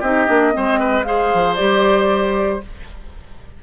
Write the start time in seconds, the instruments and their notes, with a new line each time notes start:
0.00 bassoon C4, clarinet D#4, oboe G4, flute D#5
0.27 bassoon A#3, clarinet D4
0.52 bassoon G#3, clarinet C4, oboe C5
0.79 oboe B4
1.03 clarinet G#4, oboe C5, flute F5
1.34 bassoon F3
1.55 bassoon G3, clarinet G4, flute D5